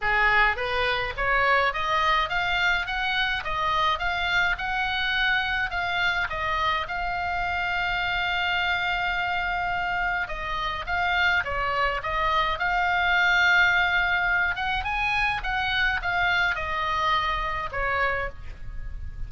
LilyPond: \new Staff \with { instrumentName = "oboe" } { \time 4/4 \tempo 4 = 105 gis'4 b'4 cis''4 dis''4 | f''4 fis''4 dis''4 f''4 | fis''2 f''4 dis''4 | f''1~ |
f''2 dis''4 f''4 | cis''4 dis''4 f''2~ | f''4. fis''8 gis''4 fis''4 | f''4 dis''2 cis''4 | }